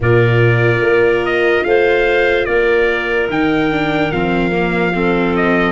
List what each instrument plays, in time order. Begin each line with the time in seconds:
0.00 tuba A#2, viola F4, clarinet A#4, trumpet D5
0.80 tuba A#3
1.25 trumpet D#5
1.64 tuba A3, clarinet C5, trumpet F5
2.45 tuba A#3, clarinet A#4, trumpet D5
3.29 tuba D#3, viola D#4, trumpet G5
3.71 viola D4
4.11 tuba F3, viola C4, trumpet F5
4.51 viola A#3
4.93 viola C4, clarinet A4
5.36 trumpet D#5